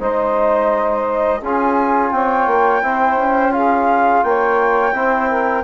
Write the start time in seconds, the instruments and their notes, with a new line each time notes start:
0.00 bassoon G#3, trombone D#4, saxophone C5, flute D#5
1.41 bassoon C#4, trombone F4, saxophone G#4, flute G#5
2.12 bassoon C4, saxophone C#5, flute G5
2.47 bassoon A#3
2.82 bassoon C4, trombone E4, saxophone C5
3.17 bassoon C#4
3.51 trombone F4, saxophone G#4, flute F5
4.24 bassoon A#3, saxophone C#5, flute G5
4.93 bassoon C4, trombone E4, saxophone C5
5.29 saxophone A#4